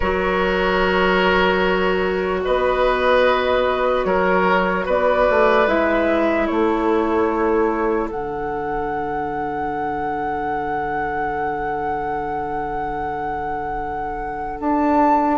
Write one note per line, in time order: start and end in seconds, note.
0.00 2.44 F#3
0.00 5.67 F#4
0.00 2.40 A#4
0.00 2.42 C#5
2.44 4.05 B3
2.44 4.06 B4
2.44 4.04 D#5
4.04 4.86 F#3
4.04 4.85 A#4
4.04 4.85 C#5
4.85 5.28 B3
4.85 6.47 B4
4.85 5.68 D5
5.29 5.67 A3
5.67 6.48 G#3
5.67 8.10 E4
5.67 6.46 E5
6.46 8.10 A3
6.46 15.38 A4
6.46 8.08 C#5
8.10 14.59 D3
8.10 15.38 D4
8.10 14.59 F#5
14.59 15.38 D4
14.59 15.38 A5